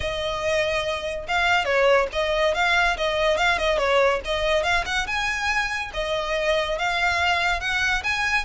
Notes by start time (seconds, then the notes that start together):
0.00 D#5
1.28 F5
1.64 C#5
2.12 D#5
2.54 F5
2.97 D#5
3.37 F5
3.58 D#5
3.78 C#5
4.24 D#5
4.63 F5
4.85 F#5
5.06 G#5
5.93 D#5
6.78 F5
7.60 F#5
8.03 G#5